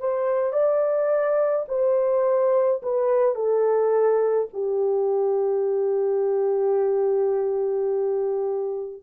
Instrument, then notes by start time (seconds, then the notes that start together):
horn
0.00 C5
0.53 D5
1.68 C5
2.83 B4
3.35 A4
4.53 G4